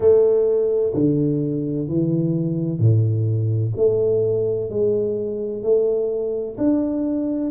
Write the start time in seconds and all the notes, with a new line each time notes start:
0.00 A3
0.94 D3
1.87 E3
2.79 A2
3.76 A3
4.70 G#3
5.62 A3
6.57 D4